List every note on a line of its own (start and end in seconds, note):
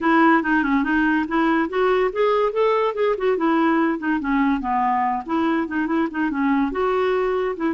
0.00 0.42 E4
0.42 0.63 D#4
0.63 0.83 C#4
0.83 1.25 D#4
1.27 1.69 E4
1.69 2.11 F#4
2.12 2.52 G#4
2.52 2.94 A4
2.94 3.15 G#4
3.17 3.37 F#4
3.37 3.98 E4
3.98 4.19 D#4
4.19 4.60 C#4
4.60 5.23 B3
5.25 5.67 E4
5.67 5.86 D#4
5.86 6.07 E4
6.10 6.30 D#4
6.30 6.71 C#4
6.71 7.55 F#4
7.56 7.74 E4